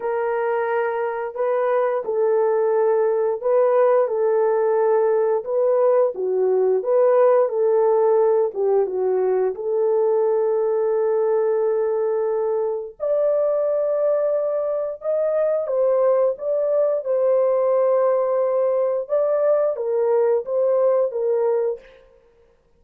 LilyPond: \new Staff \with { instrumentName = "horn" } { \time 4/4 \tempo 4 = 88 ais'2 b'4 a'4~ | a'4 b'4 a'2 | b'4 fis'4 b'4 a'4~ | a'8 g'8 fis'4 a'2~ |
a'2. d''4~ | d''2 dis''4 c''4 | d''4 c''2. | d''4 ais'4 c''4 ais'4 | }